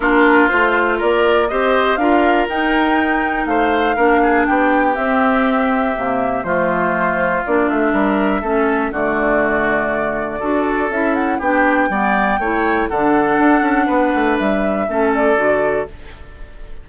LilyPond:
<<
  \new Staff \with { instrumentName = "flute" } { \time 4/4 \tempo 4 = 121 ais'4 c''4 d''4 dis''4 | f''4 g''2 f''4~ | f''4 g''4 e''2~ | e''4 c''2 d''8 e''8~ |
e''2 d''2~ | d''2 e''8 fis''8 g''4~ | g''2 fis''2~ | fis''4 e''4. d''4. | }
  \new Staff \with { instrumentName = "oboe" } { \time 4/4 f'2 ais'4 c''4 | ais'2. c''4 | ais'8 gis'8 g'2.~ | g'4 f'2. |
ais'4 a'4 fis'2~ | fis'4 a'2 g'4 | d''4 cis''4 a'2 | b'2 a'2 | }
  \new Staff \with { instrumentName = "clarinet" } { \time 4/4 d'4 f'2 g'4 | f'4 dis'2. | d'2 c'2 | ais4 a2 d'4~ |
d'4 cis'4 a2~ | a4 fis'4 e'4 d'4 | b4 e'4 d'2~ | d'2 cis'4 fis'4 | }
  \new Staff \with { instrumentName = "bassoon" } { \time 4/4 ais4 a4 ais4 c'4 | d'4 dis'2 a4 | ais4 b4 c'2 | c4 f2 ais8 a8 |
g4 a4 d2~ | d4 d'4 cis'4 b4 | g4 a4 d4 d'8 cis'8 | b8 a8 g4 a4 d4 | }
>>